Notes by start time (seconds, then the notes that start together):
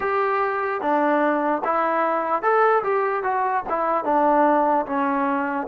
0.00 G4
0.81 D4
1.64 E4
2.42 A4
2.83 G4
3.23 F#4
3.69 E4
4.04 D4
4.86 C#4